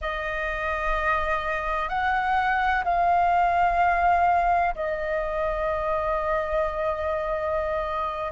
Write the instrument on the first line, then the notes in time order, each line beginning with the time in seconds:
flute
0.01 D#5
1.88 F#5
2.84 F5
4.75 D#5